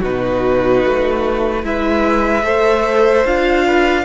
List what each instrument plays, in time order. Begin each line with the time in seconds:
0.00 cello B2, viola D#4, violin F#4 B4
0.85 cello A3
1.63 cello G#3, viola E4, violin B4 E5
2.43 cello A3, viola A4, violin C5
3.25 cello D4, viola F4, violin F5
3.66 violin B4